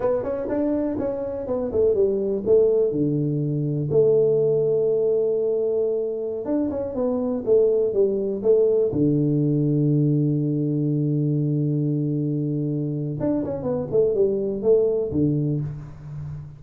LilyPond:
\new Staff \with { instrumentName = "tuba" } { \time 4/4 \tempo 4 = 123 b8 cis'8 d'4 cis'4 b8 a8 | g4 a4 d2 | a1~ | a4~ a16 d'8 cis'8 b4 a8.~ |
a16 g4 a4 d4.~ d16~ | d1~ | d2. d'8 cis'8 | b8 a8 g4 a4 d4 | }